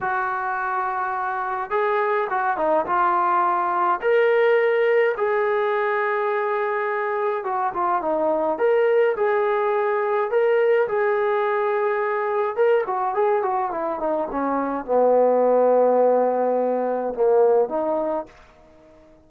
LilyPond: \new Staff \with { instrumentName = "trombone" } { \time 4/4 \tempo 4 = 105 fis'2. gis'4 | fis'8 dis'8 f'2 ais'4~ | ais'4 gis'2.~ | gis'4 fis'8 f'8 dis'4 ais'4 |
gis'2 ais'4 gis'4~ | gis'2 ais'8 fis'8 gis'8 fis'8 | e'8 dis'8 cis'4 b2~ | b2 ais4 dis'4 | }